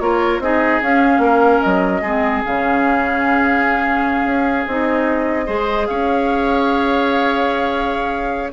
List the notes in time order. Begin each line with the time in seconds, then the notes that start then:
0.00 A#3 F4 A#4 C#5
0.39 C4 D#4 G#4 D#5
0.82 C#4 F5
1.18 A#3 A#4
1.61 F#3 D#5
2.02 G#3 C4 G#4
2.45 C#3 C#4 F5
4.24 C#4
4.68 C4 D#4 D#5
5.46 G#3 G#4 C5
5.87 C#4 C#5 F5